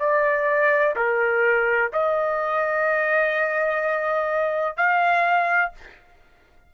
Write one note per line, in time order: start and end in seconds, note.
0.00 0.95 D5
0.96 1.91 A#4
1.93 4.77 D#5
4.77 5.72 F5